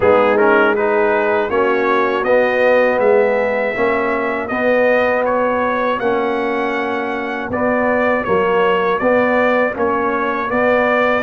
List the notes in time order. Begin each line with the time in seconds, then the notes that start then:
0.00 G#3 B3 D#4 G#4
0.37 C#4 A#4
0.75 D#4 G#4 B4
1.49 A#3 C#4 F#4 C#5
2.23 B3 D#5
2.98 G#3 G#4 E5
3.75 A#3 C#4 F#4
4.48 B3 D#5
5.25 C#5
5.99 A#3 C#4 F#5
7.49 B3 D5
8.24 F#3 A#3 C#5
8.98 B3 D5
9.73 A#3 C#4 C#5
10.48 B3 D5